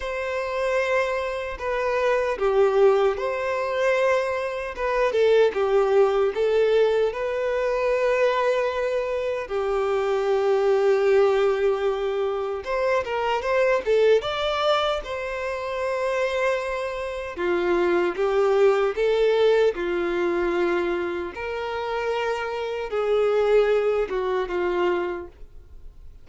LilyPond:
\new Staff \with { instrumentName = "violin" } { \time 4/4 \tempo 4 = 76 c''2 b'4 g'4 | c''2 b'8 a'8 g'4 | a'4 b'2. | g'1 |
c''8 ais'8 c''8 a'8 d''4 c''4~ | c''2 f'4 g'4 | a'4 f'2 ais'4~ | ais'4 gis'4. fis'8 f'4 | }